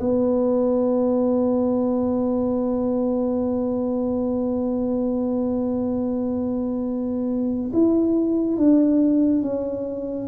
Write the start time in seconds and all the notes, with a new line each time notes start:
0.00 B3
7.73 E4
8.58 D4
9.42 C#4